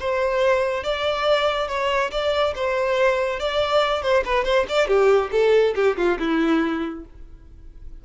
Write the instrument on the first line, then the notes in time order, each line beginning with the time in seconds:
violin
0.00 C5
0.84 D5
1.68 C#5
2.11 D5
2.55 C5
3.40 D5
4.02 C5
4.25 B4
4.45 C5
4.69 D5
4.87 G4
5.32 A4
5.75 G4
5.97 F4
6.19 E4